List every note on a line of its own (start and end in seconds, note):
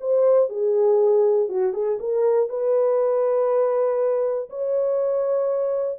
0.00 0.49 C5
0.49 1.48 G#4
1.48 1.73 F#4
1.73 1.98 G#4
1.99 2.49 A#4
2.49 4.49 B4
4.49 5.98 C#5